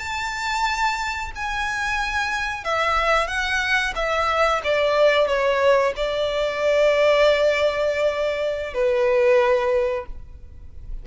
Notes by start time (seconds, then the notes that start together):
0.00 A5
1.36 G#5
2.65 E5
3.28 F#5
3.96 E5
4.65 D5
5.28 C#5
5.97 D5
8.74 B4